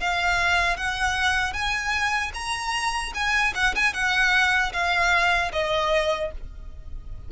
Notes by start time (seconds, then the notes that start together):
0.00 F5
0.76 F#5
1.53 G#5
2.34 A#5
3.14 G#5
3.55 F#5
3.75 G#5
3.93 F#5
4.73 F5
5.52 D#5